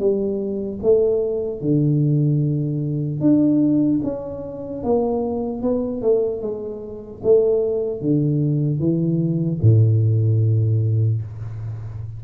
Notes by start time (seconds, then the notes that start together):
0.00 G3
0.83 A3
1.61 D3
3.21 D4
4.04 C#4
4.84 A#3
5.63 B3
6.02 A3
6.42 G#3
7.24 A3
8.01 D3
8.80 E3
9.62 A2